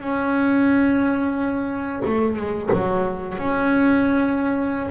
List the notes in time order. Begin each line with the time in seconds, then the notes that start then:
0.00 C#4
2.05 A3
2.36 G#3
2.73 F#3
3.38 C#4